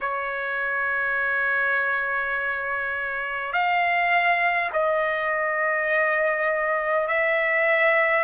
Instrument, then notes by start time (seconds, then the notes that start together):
trumpet
0.01 C#5
3.52 F5
4.73 D#5
7.07 E5